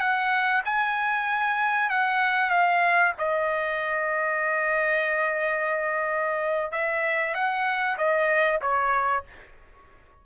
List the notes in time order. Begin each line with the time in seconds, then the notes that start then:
0.00 F#5
0.65 G#5
1.90 F#5
2.51 F5
3.18 D#5
6.72 E5
7.34 F#5
7.98 D#5
8.61 C#5